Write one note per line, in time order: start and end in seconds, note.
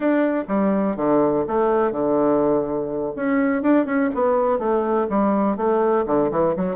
0.00 0.44 D4
0.48 0.96 G3
0.96 1.45 D3
1.47 1.91 A3
1.91 3.12 D3
3.16 3.62 C#4
3.62 3.85 D4
3.85 4.09 C#4
4.14 4.58 B3
4.58 5.07 A3
5.09 5.56 G3
5.56 6.05 A3
6.06 6.30 D3
6.31 6.55 E3
6.56 6.75 F#3